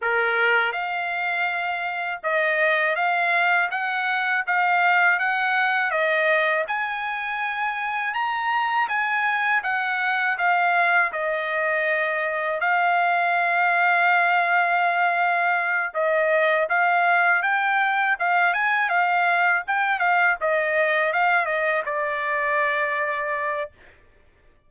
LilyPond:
\new Staff \with { instrumentName = "trumpet" } { \time 4/4 \tempo 4 = 81 ais'4 f''2 dis''4 | f''4 fis''4 f''4 fis''4 | dis''4 gis''2 ais''4 | gis''4 fis''4 f''4 dis''4~ |
dis''4 f''2.~ | f''4. dis''4 f''4 g''8~ | g''8 f''8 gis''8 f''4 g''8 f''8 dis''8~ | dis''8 f''8 dis''8 d''2~ d''8 | }